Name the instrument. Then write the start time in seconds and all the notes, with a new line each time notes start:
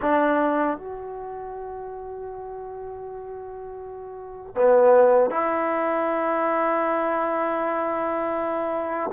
trombone
0.01 D4
0.77 F#4
4.55 B3
5.30 E4